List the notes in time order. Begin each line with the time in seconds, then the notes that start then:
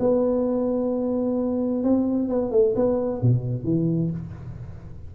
0.00 B3
1.84 C4
2.29 B3
2.52 A3
2.76 B3
3.22 B2
3.64 E3